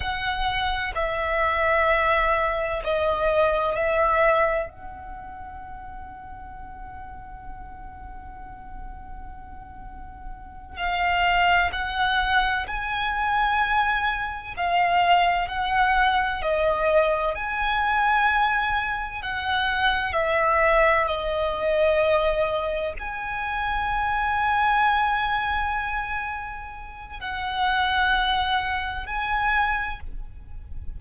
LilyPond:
\new Staff \with { instrumentName = "violin" } { \time 4/4 \tempo 4 = 64 fis''4 e''2 dis''4 | e''4 fis''2.~ | fis''2.~ fis''8 f''8~ | f''8 fis''4 gis''2 f''8~ |
f''8 fis''4 dis''4 gis''4.~ | gis''8 fis''4 e''4 dis''4.~ | dis''8 gis''2.~ gis''8~ | gis''4 fis''2 gis''4 | }